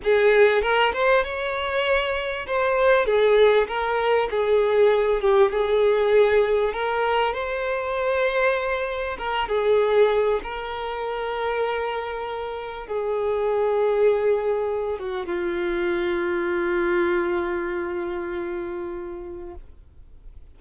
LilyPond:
\new Staff \with { instrumentName = "violin" } { \time 4/4 \tempo 4 = 98 gis'4 ais'8 c''8 cis''2 | c''4 gis'4 ais'4 gis'4~ | gis'8 g'8 gis'2 ais'4 | c''2. ais'8 gis'8~ |
gis'4 ais'2.~ | ais'4 gis'2.~ | gis'8 fis'8 f'2.~ | f'1 | }